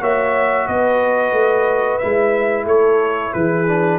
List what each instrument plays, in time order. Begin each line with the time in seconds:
0.00 tuba A#3, trombone F#4, horn C#5, trumpet E5
0.66 tuba B3, horn B4, trumpet D#5
1.32 tuba A3
1.98 tuba G#3, trombone E4, trumpet E5
2.65 tuba A3, horn A4, trumpet C#5
3.33 tuba E3, horn G#4, trumpet B4
3.67 trombone D4